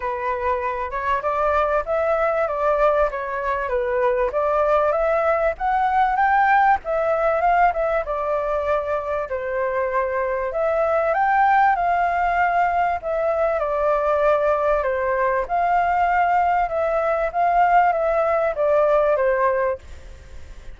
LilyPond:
\new Staff \with { instrumentName = "flute" } { \time 4/4 \tempo 4 = 97 b'4. cis''8 d''4 e''4 | d''4 cis''4 b'4 d''4 | e''4 fis''4 g''4 e''4 | f''8 e''8 d''2 c''4~ |
c''4 e''4 g''4 f''4~ | f''4 e''4 d''2 | c''4 f''2 e''4 | f''4 e''4 d''4 c''4 | }